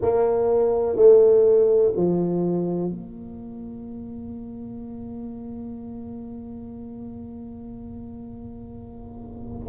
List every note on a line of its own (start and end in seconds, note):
0.01 0.96 A#3
0.96 1.93 A3
1.96 2.90 F3
2.90 9.68 A#3